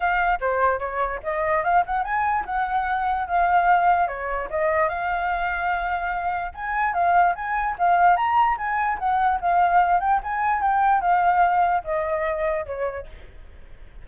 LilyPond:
\new Staff \with { instrumentName = "flute" } { \time 4/4 \tempo 4 = 147 f''4 c''4 cis''4 dis''4 | f''8 fis''8 gis''4 fis''2 | f''2 cis''4 dis''4 | f''1 |
gis''4 f''4 gis''4 f''4 | ais''4 gis''4 fis''4 f''4~ | f''8 g''8 gis''4 g''4 f''4~ | f''4 dis''2 cis''4 | }